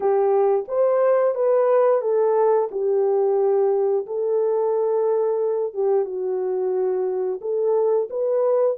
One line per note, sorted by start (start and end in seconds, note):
0.00 0.65 G4
0.68 1.35 C5
1.35 2.01 B4
2.01 2.68 A4
2.71 4.06 G4
4.06 5.73 A4
5.73 6.05 G4
6.05 7.40 F#4
7.41 8.08 A4
8.10 8.77 B4